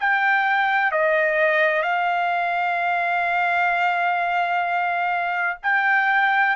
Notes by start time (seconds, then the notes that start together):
0.00 G5
0.92 D#5
1.82 F5
5.63 G5